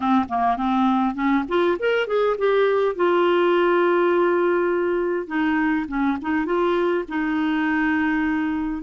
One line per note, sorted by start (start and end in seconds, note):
0.00 0.25 C4
0.28 0.56 A#3
0.56 1.14 C4
1.14 1.44 C#4
1.48 1.77 F4
1.79 2.07 A#4
2.07 2.36 G#4
2.38 2.95 G4
2.95 5.27 F4
5.27 5.86 D#4
5.88 6.17 C#4
6.21 6.45 D#4
6.45 7.04 F4
7.08 8.82 D#4